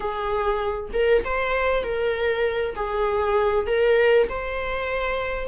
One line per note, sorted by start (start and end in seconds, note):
0.00 0.90 G#4
0.93 1.23 A#4
1.24 1.83 C5
1.83 2.75 A#4
2.76 3.66 G#4
3.66 4.27 A#4
4.29 5.48 C5